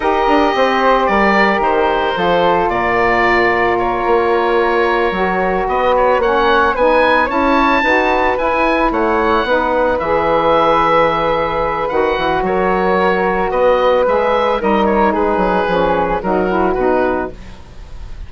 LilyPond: <<
  \new Staff \with { instrumentName = "oboe" } { \time 4/4 \tempo 4 = 111 dis''2 d''4 c''4~ | c''4 d''2 cis''4~ | cis''2~ cis''8 dis''8 cis''8 fis''8~ | fis''8 gis''4 a''2 gis''8~ |
gis''8 fis''2 e''4.~ | e''2 fis''4 cis''4~ | cis''4 dis''4 e''4 dis''8 cis''8 | b'2 ais'4 b'4 | }
  \new Staff \with { instrumentName = "flute" } { \time 4/4 ais'4 c''4 ais'2 | a'4 ais'2.~ | ais'2~ ais'8 b'4 cis''8~ | cis''8 b'4 cis''4 b'4.~ |
b'8 cis''4 b'2~ b'8~ | b'2. ais'4~ | ais'4 b'2 ais'4 | gis'2 fis'2 | }
  \new Staff \with { instrumentName = "saxophone" } { \time 4/4 g'1 | f'1~ | f'4. fis'2 cis'8~ | cis'8 dis'4 e'4 fis'4 e'8~ |
e'4. dis'4 gis'4.~ | gis'2 fis'2~ | fis'2 gis'4 dis'4~ | dis'4 cis'4 dis'8 e'8 dis'4 | }
  \new Staff \with { instrumentName = "bassoon" } { \time 4/4 dis'8 d'8 c'4 g4 dis4 | f4 ais,2~ ais,8 ais8~ | ais4. fis4 b4 ais8~ | ais8 b4 cis'4 dis'4 e'8~ |
e'8 a4 b4 e4.~ | e2 dis8 e8 fis4~ | fis4 b4 gis4 g4 | gis8 fis8 f4 fis4 b,4 | }
>>